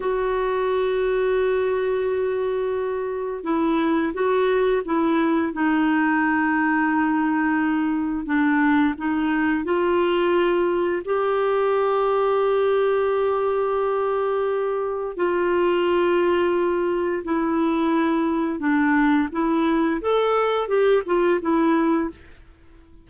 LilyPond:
\new Staff \with { instrumentName = "clarinet" } { \time 4/4 \tempo 4 = 87 fis'1~ | fis'4 e'4 fis'4 e'4 | dis'1 | d'4 dis'4 f'2 |
g'1~ | g'2 f'2~ | f'4 e'2 d'4 | e'4 a'4 g'8 f'8 e'4 | }